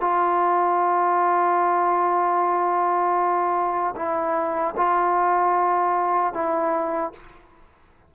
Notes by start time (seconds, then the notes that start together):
0.00 F4
3.96 E4
4.77 F4
6.34 E4